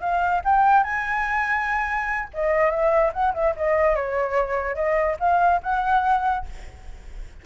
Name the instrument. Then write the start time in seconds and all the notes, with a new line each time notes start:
flute
0.00 F5
0.44 G5
0.84 G#5
2.33 D#5
2.70 E5
3.13 F#5
3.34 E5
3.56 D#5
3.95 C#5
4.75 D#5
5.19 F5
5.63 F#5